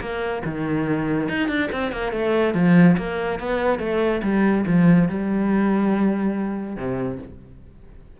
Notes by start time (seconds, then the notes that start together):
0.00 A#3
0.45 D#3
1.28 D#4
1.48 D4
1.71 C4
1.92 A#3
2.12 A3
2.54 F3
2.97 A#3
3.39 B3
3.79 A3
4.22 G3
4.66 F3
5.09 G3
6.76 C3